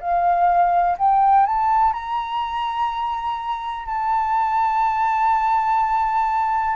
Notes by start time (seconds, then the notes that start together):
0.00 F5
0.98 G5
1.46 A5
1.93 A#5
3.85 A5